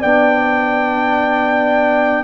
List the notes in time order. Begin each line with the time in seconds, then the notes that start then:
0.00 B3 D4 D5 G5